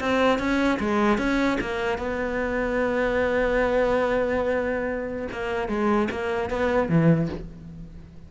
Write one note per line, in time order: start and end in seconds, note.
0.00 0.39 C4
0.39 0.79 C#4
0.79 1.18 G#3
1.18 1.58 C#4
1.61 1.98 A#3
1.98 5.28 B3
5.32 5.68 A#3
5.68 6.08 G#3
6.11 6.50 A#3
6.50 6.89 B3
6.89 7.29 E3